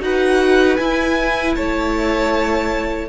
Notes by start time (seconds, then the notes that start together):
0.00 D#4 F#4 B4 F#5
0.77 E4 G#5
1.55 A3 C#5 A5